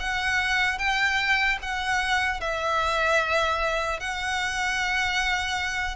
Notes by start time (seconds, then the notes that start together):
0.00 F#5
0.79 G5
1.63 F#5
2.41 E5
4.01 F#5